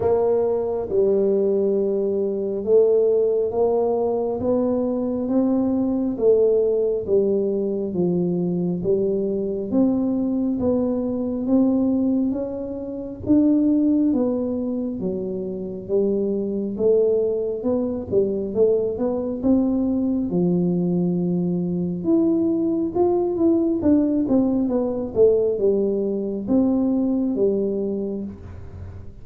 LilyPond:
\new Staff \with { instrumentName = "tuba" } { \time 4/4 \tempo 4 = 68 ais4 g2 a4 | ais4 b4 c'4 a4 | g4 f4 g4 c'4 | b4 c'4 cis'4 d'4 |
b4 fis4 g4 a4 | b8 g8 a8 b8 c'4 f4~ | f4 e'4 f'8 e'8 d'8 c'8 | b8 a8 g4 c'4 g4 | }